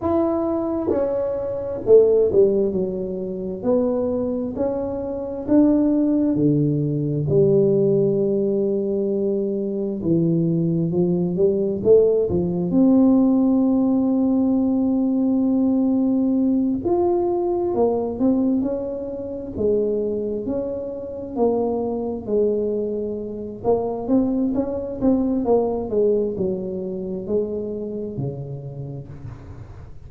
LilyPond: \new Staff \with { instrumentName = "tuba" } { \time 4/4 \tempo 4 = 66 e'4 cis'4 a8 g8 fis4 | b4 cis'4 d'4 d4 | g2. e4 | f8 g8 a8 f8 c'2~ |
c'2~ c'8 f'4 ais8 | c'8 cis'4 gis4 cis'4 ais8~ | ais8 gis4. ais8 c'8 cis'8 c'8 | ais8 gis8 fis4 gis4 cis4 | }